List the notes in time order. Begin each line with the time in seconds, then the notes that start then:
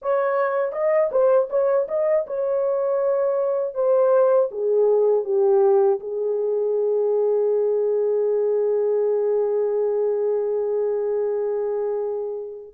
0.01 C#5
0.72 D#5
1.11 C5
1.49 C#5
1.88 D#5
2.26 C#5
3.74 C5
4.51 G#4
5.24 G4
6.00 G#4